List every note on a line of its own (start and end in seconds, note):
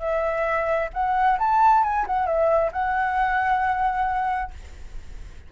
0.00 0.90 E5
0.94 1.38 F#5
1.39 1.84 A5
1.84 2.06 G#5
2.07 2.27 F#5
2.27 2.72 E5
2.73 4.52 F#5